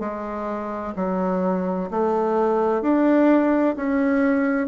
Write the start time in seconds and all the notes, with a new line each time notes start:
0.00 G#3
0.96 F#3
1.90 A3
2.82 D4
3.76 C#4